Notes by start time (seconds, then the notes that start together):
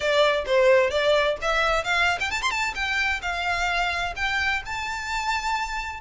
0.00 D5
0.46 C5
0.90 D5
1.41 E5
1.84 F5
2.19 G5
2.30 A5
2.41 C6
2.50 A5
2.74 G5
3.21 F5
4.16 G5
4.65 A5